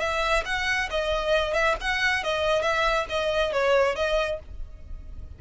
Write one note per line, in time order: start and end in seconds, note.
0.00 0.44 E5
0.45 0.89 F#5
0.91 1.54 D#5
1.54 1.76 E5
1.81 2.24 F#5
2.24 2.62 D#5
2.62 3.06 E5
3.09 3.53 D#5
3.53 3.96 C#5
3.96 4.39 D#5